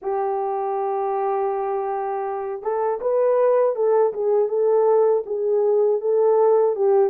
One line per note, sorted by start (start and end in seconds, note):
0.02 2.62 G4
2.62 3.00 A4
3.00 3.75 B4
3.75 4.12 A4
4.12 4.48 G#4
4.48 5.23 A4
5.26 6.00 G#4
6.00 6.75 A4
6.75 7.10 G4